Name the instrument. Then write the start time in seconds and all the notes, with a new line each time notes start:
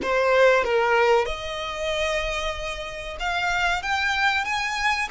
violin
0.02 C5
0.64 A#4
1.25 D#5
3.19 F5
3.82 G5
4.44 G#5